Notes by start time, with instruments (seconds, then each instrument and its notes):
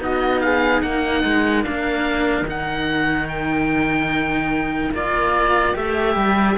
0.00 cello B3 D#4, flute F#4, oboe D#5
0.41 flute G#4, oboe F5
0.82 cello A#3, flute A#4, oboe F#5
1.24 cello G#3
1.63 cello A#3 D4, oboe F5
2.42 cello D#3 D#4
2.49 oboe F#5
3.28 oboe G5
4.93 cello A#3 F4, oboe D5
5.74 cello A3 G4, oboe E5
6.16 cello G3